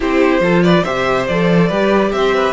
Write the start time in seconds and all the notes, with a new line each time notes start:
0.00 C4 E4 G4 C5
0.40 F3 F4 A4
0.62 B4 D5
0.83 C3 G4 C5 E5
1.27 F3 A4 D5
1.67 G3 G4 B4
2.12 C4 C5 E5
2.35 B4